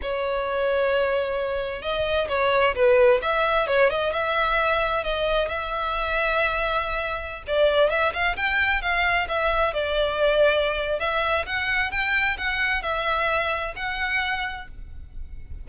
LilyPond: \new Staff \with { instrumentName = "violin" } { \time 4/4 \tempo 4 = 131 cis''1 | dis''4 cis''4 b'4 e''4 | cis''8 dis''8 e''2 dis''4 | e''1~ |
e''16 d''4 e''8 f''8 g''4 f''8.~ | f''16 e''4 d''2~ d''8. | e''4 fis''4 g''4 fis''4 | e''2 fis''2 | }